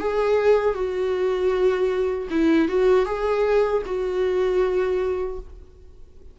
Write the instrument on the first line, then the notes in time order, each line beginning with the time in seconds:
viola
0.00 G#4
0.74 F#4
2.30 E4
2.69 F#4
3.06 G#4
3.86 F#4